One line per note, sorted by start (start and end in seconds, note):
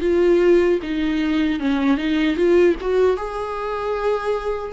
0.00 0.79 F4
0.82 1.59 D#4
1.59 1.97 C#4
1.97 2.36 D#4
2.36 2.75 F4
2.81 3.17 F#4
3.17 4.72 G#4